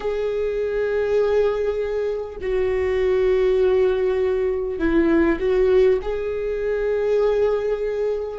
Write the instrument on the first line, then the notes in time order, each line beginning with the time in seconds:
viola
0.00 G#4
2.41 F#4
4.78 E4
5.39 F#4
6.02 G#4